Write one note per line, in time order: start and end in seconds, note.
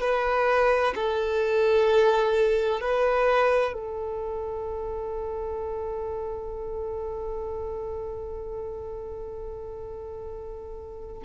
0.00 0.94 B4
0.95 2.80 A4
2.80 3.73 B4
3.73 11.23 A4